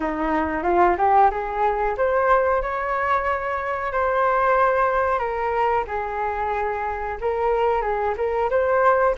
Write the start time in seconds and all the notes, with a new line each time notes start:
0.00 D#4
0.63 F4
0.97 G4
1.30 G#4
1.97 C5
2.61 C#5
3.92 C5
5.18 A#4
5.87 G#4
7.20 A#4
7.81 G#4
8.17 A#4
8.50 C5